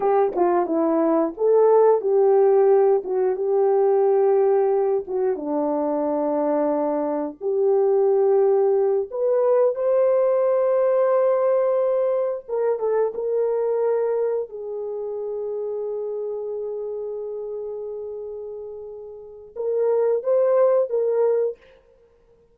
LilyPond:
\new Staff \with { instrumentName = "horn" } { \time 4/4 \tempo 4 = 89 g'8 f'8 e'4 a'4 g'4~ | g'8 fis'8 g'2~ g'8 fis'8 | d'2. g'4~ | g'4. b'4 c''4.~ |
c''2~ c''8 ais'8 a'8 ais'8~ | ais'4. gis'2~ gis'8~ | gis'1~ | gis'4 ais'4 c''4 ais'4 | }